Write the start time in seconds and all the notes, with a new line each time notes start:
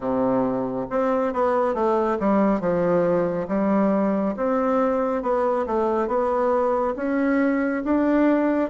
0.00 C3
0.90 C4
1.33 B3
1.74 A3
2.19 G3
2.60 F3
3.48 G3
4.36 C4
5.22 B3
5.66 A3
6.07 B3
6.96 C#4
7.84 D4